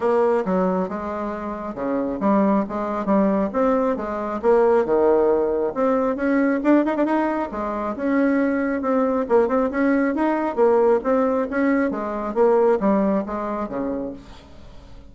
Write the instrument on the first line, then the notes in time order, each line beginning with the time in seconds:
bassoon
0.00 A#3
0.45 F#3
0.88 G#3
1.74 C#3
2.20 G3
2.68 G#3
3.05 G3
3.52 C4
3.96 G#3
4.42 A#3
4.85 D#3
5.74 C4
6.15 C#4
6.63 D4
6.85 D#4
6.96 D4
7.05 D#4
7.51 G#3
7.96 C#4
8.81 C4
9.29 A#3
9.47 C4
9.70 C#4
10.15 D#4
10.55 A#3
11.03 C4
11.50 C#4
11.90 G#3
12.34 A#3
12.80 G3
13.26 G#3
13.68 C#3